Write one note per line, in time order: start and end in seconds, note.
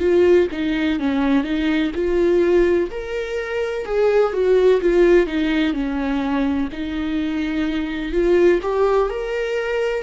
0.00 0.48 F4
0.52 1.00 D#4
1.00 1.44 C#4
1.44 1.91 D#4
1.95 2.90 F4
2.91 3.85 A#4
3.85 4.33 G#4
4.33 4.81 F#4
4.81 5.27 F4
5.27 5.73 D#4
5.73 6.68 C#4
6.72 8.13 D#4
8.13 8.60 F4
8.62 9.10 G4
9.10 10.03 A#4